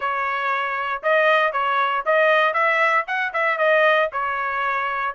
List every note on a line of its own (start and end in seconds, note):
0.00 1.02 C#5
1.02 1.52 D#5
1.52 2.03 C#5
2.05 2.53 D#5
2.53 3.05 E5
3.07 3.32 F#5
3.33 3.58 E5
3.58 4.09 D#5
4.12 5.14 C#5